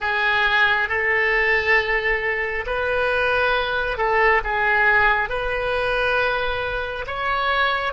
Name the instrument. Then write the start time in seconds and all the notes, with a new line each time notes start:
oboe
0.00 G#4
0.88 A4
2.66 B4
3.97 A4
4.44 G#4
5.29 B4
7.06 C#5